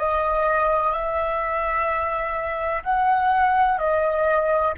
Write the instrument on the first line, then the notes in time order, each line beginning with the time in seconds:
flute
0.00 D#5
0.93 E5
2.84 F#5
3.79 D#5